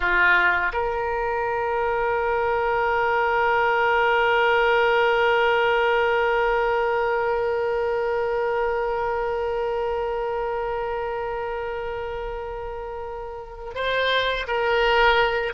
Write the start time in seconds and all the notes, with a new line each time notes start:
0.00 F4
0.72 A#4
13.74 C5
14.47 A#4